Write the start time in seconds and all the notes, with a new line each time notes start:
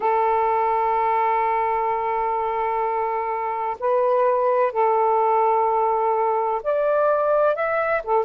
0.00 A4
3.79 B4
4.72 A4
6.63 D5
7.55 E5
8.03 A4